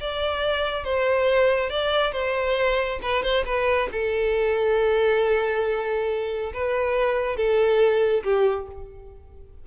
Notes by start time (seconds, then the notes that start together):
0.00 D5
0.84 C5
1.69 D5
2.12 C5
3.02 B4
3.23 C5
3.45 B4
3.92 A4
6.53 B4
7.36 A4
8.23 G4